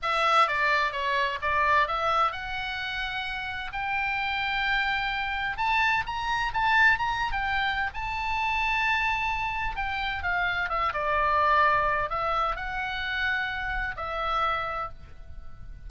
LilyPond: \new Staff \with { instrumentName = "oboe" } { \time 4/4 \tempo 4 = 129 e''4 d''4 cis''4 d''4 | e''4 fis''2. | g''1 | a''4 ais''4 a''4 ais''8. g''16~ |
g''4 a''2.~ | a''4 g''4 f''4 e''8 d''8~ | d''2 e''4 fis''4~ | fis''2 e''2 | }